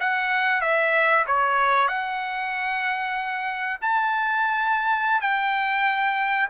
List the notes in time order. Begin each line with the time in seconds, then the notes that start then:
0.00 F#5
0.62 E5
1.27 C#5
1.88 F#5
3.81 A5
5.21 G5